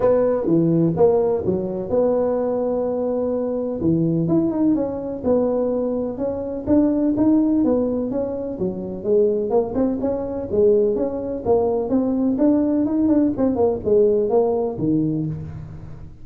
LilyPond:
\new Staff \with { instrumentName = "tuba" } { \time 4/4 \tempo 4 = 126 b4 e4 ais4 fis4 | b1 | e4 e'8 dis'8 cis'4 b4~ | b4 cis'4 d'4 dis'4 |
b4 cis'4 fis4 gis4 | ais8 c'8 cis'4 gis4 cis'4 | ais4 c'4 d'4 dis'8 d'8 | c'8 ais8 gis4 ais4 dis4 | }